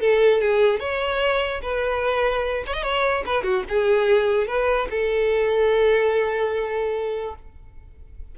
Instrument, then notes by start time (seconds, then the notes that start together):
violin
0.00 A4
0.41 G#4
0.80 C#5
1.62 B4
2.67 C#5
2.73 D#5
2.83 C#5
3.26 B4
3.43 F#4
3.68 G#4
4.47 B4
4.90 A4